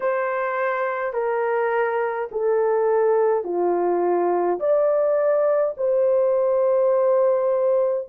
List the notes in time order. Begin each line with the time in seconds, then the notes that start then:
0.00 C5
1.13 A#4
2.31 A4
3.44 F4
4.59 D5
5.77 C5